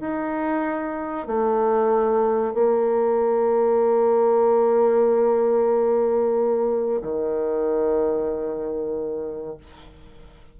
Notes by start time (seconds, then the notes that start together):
0.00 D#4
1.27 A3
2.54 A#3
7.02 D#3